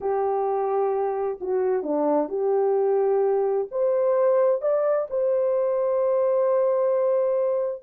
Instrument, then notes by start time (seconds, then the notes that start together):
horn
0.00 G4
1.40 F#4
1.82 D4
2.28 G4
3.71 C5
4.61 D5
5.10 C5